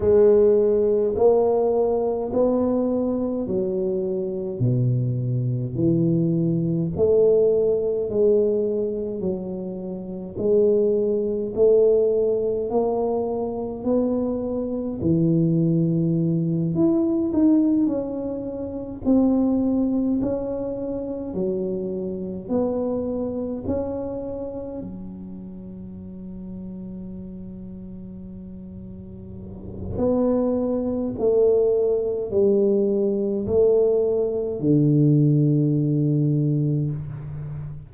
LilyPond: \new Staff \with { instrumentName = "tuba" } { \time 4/4 \tempo 4 = 52 gis4 ais4 b4 fis4 | b,4 e4 a4 gis4 | fis4 gis4 a4 ais4 | b4 e4. e'8 dis'8 cis'8~ |
cis'8 c'4 cis'4 fis4 b8~ | b8 cis'4 fis2~ fis8~ | fis2 b4 a4 | g4 a4 d2 | }